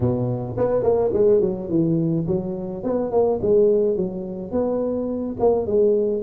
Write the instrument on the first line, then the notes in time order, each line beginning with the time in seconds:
tuba
0.00 B2
0.57 B3
0.82 A#3
1.13 G#3
1.40 F#3
1.69 E3
2.27 F#3
2.83 B3
3.11 A#3
3.41 G#3
3.96 F#3
4.51 B3
5.39 A#3
5.66 G#3